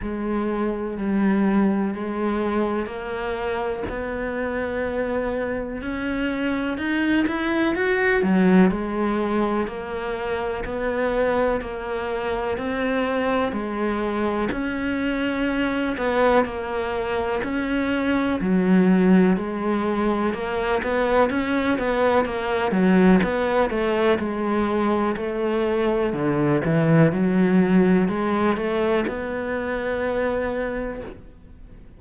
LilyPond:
\new Staff \with { instrumentName = "cello" } { \time 4/4 \tempo 4 = 62 gis4 g4 gis4 ais4 | b2 cis'4 dis'8 e'8 | fis'8 fis8 gis4 ais4 b4 | ais4 c'4 gis4 cis'4~ |
cis'8 b8 ais4 cis'4 fis4 | gis4 ais8 b8 cis'8 b8 ais8 fis8 | b8 a8 gis4 a4 d8 e8 | fis4 gis8 a8 b2 | }